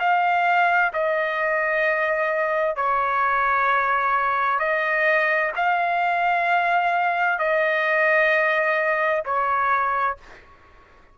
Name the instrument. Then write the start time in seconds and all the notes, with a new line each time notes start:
trumpet
0.00 F5
0.94 D#5
2.76 C#5
4.59 D#5
5.56 F5
7.39 D#5
9.26 C#5